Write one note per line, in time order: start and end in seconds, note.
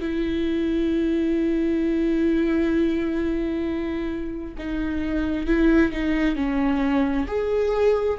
0.00 4.55 E4
4.58 5.47 D#4
5.47 5.92 E4
5.92 6.36 D#4
6.36 7.26 C#4
7.27 8.18 G#4